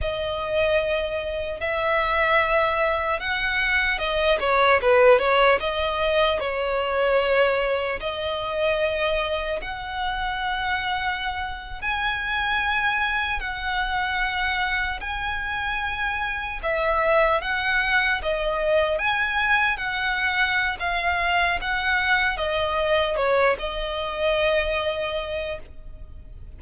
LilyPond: \new Staff \with { instrumentName = "violin" } { \time 4/4 \tempo 4 = 75 dis''2 e''2 | fis''4 dis''8 cis''8 b'8 cis''8 dis''4 | cis''2 dis''2 | fis''2~ fis''8. gis''4~ gis''16~ |
gis''8. fis''2 gis''4~ gis''16~ | gis''8. e''4 fis''4 dis''4 gis''16~ | gis''8. fis''4~ fis''16 f''4 fis''4 | dis''4 cis''8 dis''2~ dis''8 | }